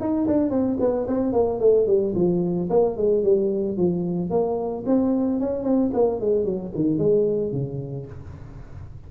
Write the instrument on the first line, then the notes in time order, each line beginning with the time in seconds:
tuba
0.00 D#4
0.28 D4
0.50 C4
0.80 B3
1.08 C4
1.33 A#3
1.60 A3
1.86 G3
2.15 F3
2.70 A#3
2.96 G#3
3.23 G3
3.77 F3
4.30 A#3
4.86 C4
5.40 C#4
5.63 C4
5.93 A#3
6.20 G#3
6.45 F#3
6.75 D#3
6.98 G#3
7.52 C#3